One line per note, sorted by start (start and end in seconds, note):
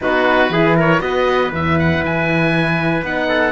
0.01 0.49 B3
0.01 0.52 D#4
0.01 0.52 F#4
0.01 0.77 B4
0.49 1.00 E3
0.49 0.99 E4
0.49 0.75 G#4
0.75 1.01 A#4
0.75 1.00 C#5
0.99 1.51 B3
0.99 1.50 F#4
0.99 3.28 B4
0.99 1.51 D#5
1.51 2.03 E2
1.51 3.04 E4
1.51 1.78 E5
1.78 2.04 F#5
2.03 3.03 E3
2.03 3.05 G#5
3.03 3.52 B3
3.03 3.52 D#4
3.03 3.52 F#5
3.28 3.52 A4